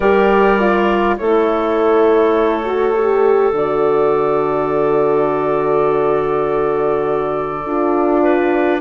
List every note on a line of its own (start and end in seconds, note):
0.00 1.17 G3
0.00 0.59 G4
0.00 1.17 A#4
0.00 1.15 D5
0.59 1.18 F4
1.17 3.51 A3
1.17 2.64 E4
1.17 8.23 A4
1.17 3.52 C#5
2.64 2.93 F#4
2.94 3.53 G4
3.51 7.63 D3
3.51 7.65 F#4
3.51 8.81 D5
7.64 8.81 D4
7.64 8.81 F4
8.23 8.81 B4